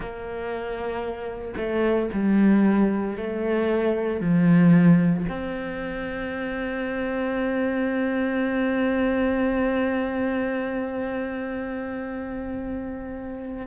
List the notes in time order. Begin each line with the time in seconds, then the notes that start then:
0.00 A#3
1.56 A3
2.13 G3
3.17 A3
4.20 F3
5.29 C4